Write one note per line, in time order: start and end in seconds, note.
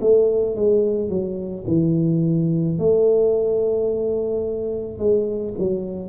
0.00 0.56 A3
0.56 1.09 G#3
1.09 1.65 F#3
1.67 2.78 E3
2.78 4.98 A3
4.98 5.54 G#3
5.58 6.09 F#3